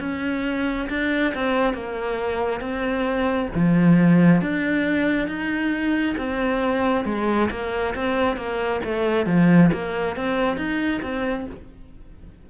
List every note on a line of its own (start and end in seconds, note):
0.00 0.88 C#4
0.90 1.34 D4
1.35 1.74 C4
1.74 2.61 A#3
2.61 3.49 C4
3.55 4.41 F3
4.41 5.28 D4
5.28 6.16 D#4
6.18 7.05 C4
7.05 7.50 G#3
7.51 7.95 A#3
7.95 8.37 C4
8.37 8.81 A#3
8.84 9.26 A3
9.26 9.71 F3
9.73 10.16 A#3
10.16 10.57 C4
10.57 11.01 D#4
11.03 11.47 C4